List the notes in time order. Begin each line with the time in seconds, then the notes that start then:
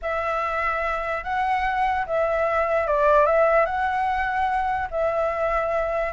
0.02 E5
1.23 F#5
2.06 E5
2.87 D5
3.26 E5
3.65 F#5
4.90 E5